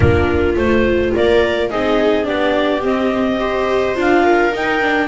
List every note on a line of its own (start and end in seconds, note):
0.00 0.55 A#3
0.00 0.56 D4
0.00 1.11 F4
0.00 0.55 A#4
0.56 1.12 A3
0.56 1.70 F4
0.56 1.13 C5
1.14 1.71 A#3
1.14 1.70 A#4
1.14 1.69 D5
1.69 2.28 C4
1.69 2.23 D#4
1.69 2.25 G#4
1.69 2.25 D#5
2.23 2.84 B3
2.23 2.79 D4
2.23 3.38 G4
2.23 2.82 D5
2.82 3.38 C4
2.82 3.96 C4
2.82 3.98 D#5
3.38 3.94 G4
3.38 4.23 C5
3.94 4.52 D4
3.94 4.51 F4
3.94 4.55 F5
4.23 5.08 A#4
4.52 5.08 D#4
4.52 4.81 D#4
4.52 5.08 G5
4.81 5.08 D4